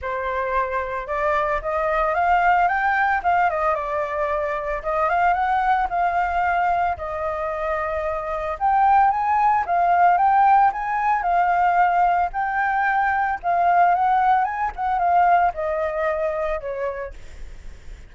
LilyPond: \new Staff \with { instrumentName = "flute" } { \time 4/4 \tempo 4 = 112 c''2 d''4 dis''4 | f''4 g''4 f''8 dis''8 d''4~ | d''4 dis''8 f''8 fis''4 f''4~ | f''4 dis''2. |
g''4 gis''4 f''4 g''4 | gis''4 f''2 g''4~ | g''4 f''4 fis''4 gis''8 fis''8 | f''4 dis''2 cis''4 | }